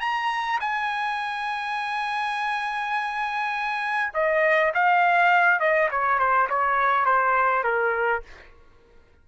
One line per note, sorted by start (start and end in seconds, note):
0.00 0.59 A#5
0.60 4.13 G#5
4.13 4.72 D#5
4.74 5.59 F5
5.59 5.89 D#5
5.90 6.18 C#5
6.18 6.48 C5
6.49 7.05 C#5
7.05 7.63 C5
7.63 8.22 A#4